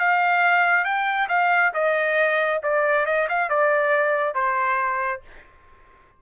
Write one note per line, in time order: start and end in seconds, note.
0.00 0.85 F5
0.85 1.28 G5
1.29 1.73 F5
1.75 2.62 D#5
2.64 3.06 D5
3.06 3.28 D#5
3.29 3.50 F5
3.50 4.35 D5
4.35 5.22 C5